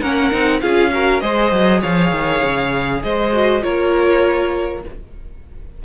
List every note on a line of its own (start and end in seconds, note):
0.00 0.31 A#3
0.00 0.31 C#4
0.00 0.60 A#4
0.00 0.60 F#5
0.31 0.62 C4
0.31 0.61 D#4
0.60 1.22 C#4
0.60 0.91 F4
0.60 0.91 G#4
0.60 1.20 F5
0.92 1.21 F#4
0.92 1.22 A#4
1.20 1.52 G#3
1.20 3.31 G#4
1.20 1.79 C5
1.20 1.80 D#5
1.52 1.82 F#3
1.79 2.11 F3
1.79 2.99 C#5
1.79 3.02 F5
2.11 2.41 D#3
2.42 3.02 C#3
3.02 3.63 G#3
3.02 3.63 C5
3.02 3.62 D#5
3.32 3.61 F#4
3.61 4.84 A#3
3.61 4.81 F4
3.61 4.83 A#4
3.61 4.83 C#5